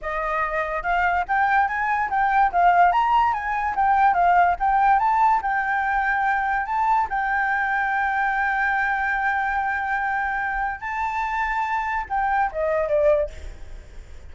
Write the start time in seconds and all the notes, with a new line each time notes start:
0.01 D#5
0.83 F5
1.27 G5
1.68 G#5
2.09 G5
2.52 F5
2.91 A#5
3.33 G#5
3.75 G5
4.13 F5
4.59 G5
4.99 A5
5.42 G5
6.66 A5
7.09 G5
10.80 A5
12.09 G5
12.52 D#5
12.88 D5